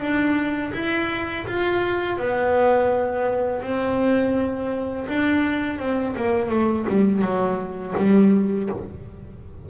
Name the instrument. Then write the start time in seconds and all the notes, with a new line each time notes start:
double bass
0.00 D4
0.74 E4
1.47 F4
2.18 B3
3.62 C4
5.08 D4
5.79 C4
6.16 A#3
6.50 A3
6.89 G3
7.22 F#3
7.97 G3